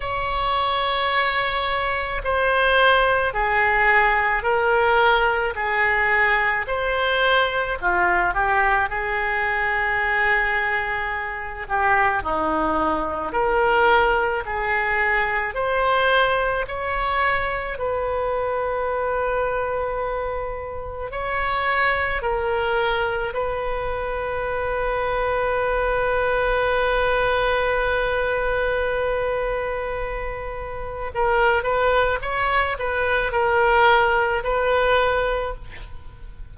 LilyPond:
\new Staff \with { instrumentName = "oboe" } { \time 4/4 \tempo 4 = 54 cis''2 c''4 gis'4 | ais'4 gis'4 c''4 f'8 g'8 | gis'2~ gis'8 g'8 dis'4 | ais'4 gis'4 c''4 cis''4 |
b'2. cis''4 | ais'4 b'2.~ | b'1 | ais'8 b'8 cis''8 b'8 ais'4 b'4 | }